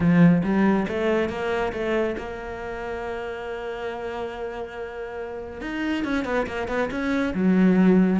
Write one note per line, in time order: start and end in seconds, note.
0.00 0.42 F3
0.43 0.87 G3
0.88 1.29 A3
1.29 1.72 A#3
1.72 2.16 A3
2.17 5.61 A#3
5.61 6.04 D#4
6.04 6.25 C#4
6.25 6.46 B3
6.46 6.68 A#3
6.68 6.89 B3
6.90 7.34 C#4
7.34 8.19 F#3